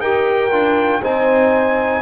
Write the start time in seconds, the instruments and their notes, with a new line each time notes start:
0.00 double bass D#4, trombone G4, horn A#4, trumpet G5
0.51 double bass D4, trombone F4
1.02 double bass C4, trombone D#4, horn C5, trumpet G#5